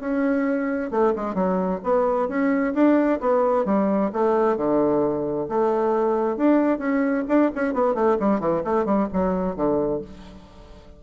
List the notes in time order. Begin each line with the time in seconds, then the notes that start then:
0.00 C#4
0.91 A3
1.15 G#3
1.34 F#3
1.83 B3
2.28 C#4
2.74 D4
3.20 B3
3.65 G3
4.13 A3
4.57 D3
5.49 A3
6.37 D4
6.79 C#4
7.28 D4
7.55 C#4
7.74 B3
7.94 A3
8.19 G3
8.40 E3
8.64 A3
8.85 G3
9.13 F#3
9.56 D3